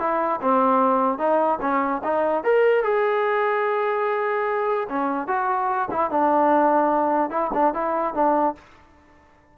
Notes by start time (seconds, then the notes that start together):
0.00 E4
0.42 C4
1.19 D#4
1.61 C#4
2.04 D#4
2.44 A#4
2.84 G#4
4.90 C#4
5.28 F#4
5.92 E4
6.11 D4
7.31 E4
7.54 D4
7.74 E4
8.15 D4